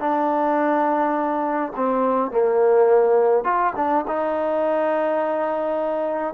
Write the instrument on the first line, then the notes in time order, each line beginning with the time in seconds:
trombone
0.00 D4
1.76 C4
2.32 A#3
3.45 F4
3.76 D4
4.08 D#4